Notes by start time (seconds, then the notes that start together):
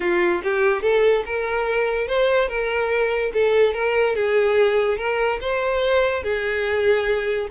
0.00 F4
0.43 G4
0.82 A4
1.25 A#4
2.07 C5
2.48 A#4
3.33 A4
3.73 A#4
4.15 G#4
4.97 A#4
5.40 C5
6.23 G#4